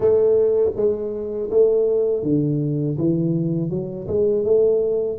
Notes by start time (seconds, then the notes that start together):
0.00 A3
0.76 G#3
1.50 A3
2.23 D3
2.97 E3
3.70 F#3
4.07 G#3
4.44 A3